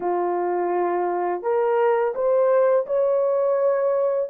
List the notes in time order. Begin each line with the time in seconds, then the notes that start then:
0.00 F4
1.42 A#4
2.14 C5
2.86 C#5